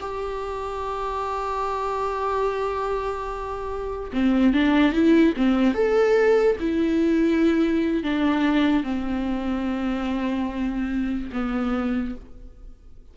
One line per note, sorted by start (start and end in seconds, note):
0.00 4.11 G4
4.13 4.53 C4
4.53 4.92 D4
4.92 5.33 E4
5.36 5.74 C4
5.74 6.56 A4
6.60 8.03 E4
8.03 8.84 D4
8.84 11.30 C4
11.33 12.15 B3